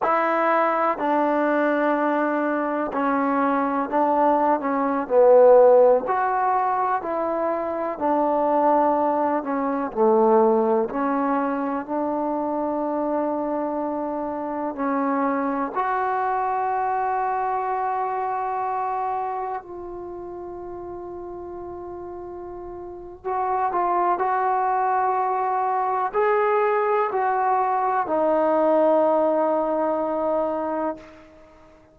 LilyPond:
\new Staff \with { instrumentName = "trombone" } { \time 4/4 \tempo 4 = 62 e'4 d'2 cis'4 | d'8. cis'8 b4 fis'4 e'8.~ | e'16 d'4. cis'8 a4 cis'8.~ | cis'16 d'2. cis'8.~ |
cis'16 fis'2.~ fis'8.~ | fis'16 f'2.~ f'8. | fis'8 f'8 fis'2 gis'4 | fis'4 dis'2. | }